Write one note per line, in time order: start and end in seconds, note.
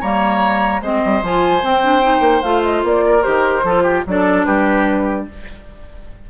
0.00 0.81 G3
0.00 0.82 A#3
0.00 0.81 C#5
0.00 0.82 A#5
0.81 1.01 G#3
0.81 1.23 C4
0.81 3.05 C5
0.81 1.23 D#5
1.05 1.22 G3
1.22 1.62 F3
1.22 1.61 F4
1.22 1.65 G#5
1.61 1.81 C4
1.61 2.20 C4
1.61 2.42 G5
1.83 2.01 D4
2.01 2.42 D#4
2.20 2.40 A#3
2.42 2.83 A3
2.42 3.22 F4
2.42 2.62 F5
2.63 2.83 D#5
2.83 3.24 A#3
2.83 3.22 D5
3.06 3.65 A#4
3.22 3.63 D#3
3.22 3.62 G4
3.22 4.03 C5
3.63 4.03 F3
3.63 4.06 F4
3.63 3.83 A4
3.83 4.03 G4
4.06 4.46 F#3
4.06 5.30 D4
4.06 4.46 A4
4.06 4.44 D5
4.44 5.27 G3
4.44 5.27 G4
4.44 5.26 B4